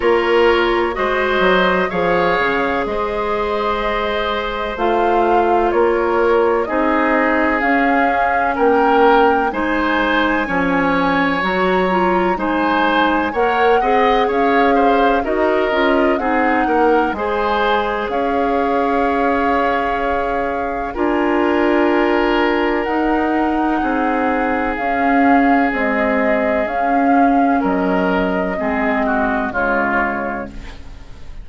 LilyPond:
<<
  \new Staff \with { instrumentName = "flute" } { \time 4/4 \tempo 4 = 63 cis''4 dis''4 f''4 dis''4~ | dis''4 f''4 cis''4 dis''4 | f''4 g''4 gis''2 | ais''4 gis''4 fis''4 f''4 |
dis''4 fis''4 gis''4 f''4~ | f''2 gis''2 | fis''2 f''4 dis''4 | f''4 dis''2 cis''4 | }
  \new Staff \with { instrumentName = "oboe" } { \time 4/4 ais'4 c''4 cis''4 c''4~ | c''2 ais'4 gis'4~ | gis'4 ais'4 c''4 cis''4~ | cis''4 c''4 cis''8 dis''8 cis''8 c''8 |
ais'4 gis'8 ais'8 c''4 cis''4~ | cis''2 ais'2~ | ais'4 gis'2.~ | gis'4 ais'4 gis'8 fis'8 f'4 | }
  \new Staff \with { instrumentName = "clarinet" } { \time 4/4 f'4 fis'4 gis'2~ | gis'4 f'2 dis'4 | cis'2 dis'4 cis'4 | fis'8 f'8 dis'4 ais'8 gis'4. |
fis'8 f'8 dis'4 gis'2~ | gis'2 f'2 | dis'2 cis'4 gis4 | cis'2 c'4 gis4 | }
  \new Staff \with { instrumentName = "bassoon" } { \time 4/4 ais4 gis8 fis8 f8 cis8 gis4~ | gis4 a4 ais4 c'4 | cis'4 ais4 gis4 f4 | fis4 gis4 ais8 c'8 cis'4 |
dis'8 cis'8 c'8 ais8 gis4 cis'4~ | cis'2 d'2 | dis'4 c'4 cis'4 c'4 | cis'4 fis4 gis4 cis4 | }
>>